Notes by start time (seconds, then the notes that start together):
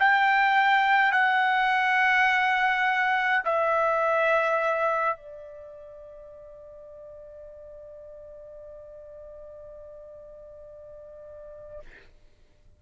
0.00 G5
1.13 F#5
3.45 E5
5.17 D5